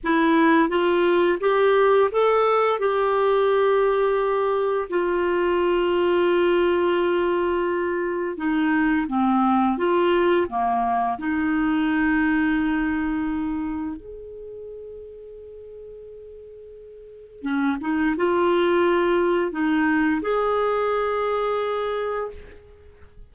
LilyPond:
\new Staff \with { instrumentName = "clarinet" } { \time 4/4 \tempo 4 = 86 e'4 f'4 g'4 a'4 | g'2. f'4~ | f'1 | dis'4 c'4 f'4 ais4 |
dis'1 | gis'1~ | gis'4 cis'8 dis'8 f'2 | dis'4 gis'2. | }